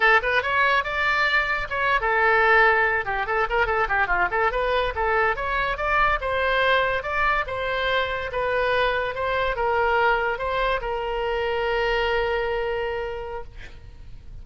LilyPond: \new Staff \with { instrumentName = "oboe" } { \time 4/4 \tempo 4 = 143 a'8 b'8 cis''4 d''2 | cis''8. a'2~ a'8 g'8 a'16~ | a'16 ais'8 a'8 g'8 f'8 a'8 b'4 a'16~ | a'8. cis''4 d''4 c''4~ c''16~ |
c''8. d''4 c''2 b'16~ | b'4.~ b'16 c''4 ais'4~ ais'16~ | ais'8. c''4 ais'2~ ais'16~ | ais'1 | }